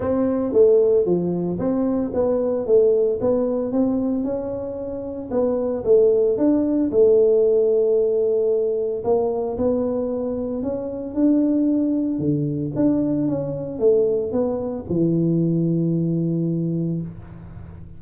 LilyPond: \new Staff \with { instrumentName = "tuba" } { \time 4/4 \tempo 4 = 113 c'4 a4 f4 c'4 | b4 a4 b4 c'4 | cis'2 b4 a4 | d'4 a2.~ |
a4 ais4 b2 | cis'4 d'2 d4 | d'4 cis'4 a4 b4 | e1 | }